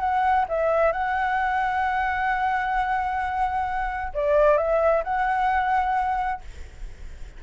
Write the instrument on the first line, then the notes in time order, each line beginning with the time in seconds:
flute
0.00 F#5
0.49 E5
0.92 F#5
4.14 D5
4.58 E5
5.04 F#5